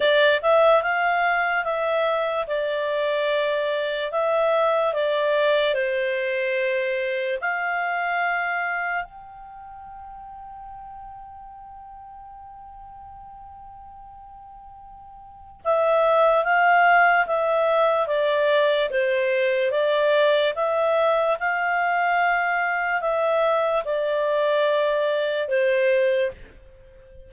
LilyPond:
\new Staff \with { instrumentName = "clarinet" } { \time 4/4 \tempo 4 = 73 d''8 e''8 f''4 e''4 d''4~ | d''4 e''4 d''4 c''4~ | c''4 f''2 g''4~ | g''1~ |
g''2. e''4 | f''4 e''4 d''4 c''4 | d''4 e''4 f''2 | e''4 d''2 c''4 | }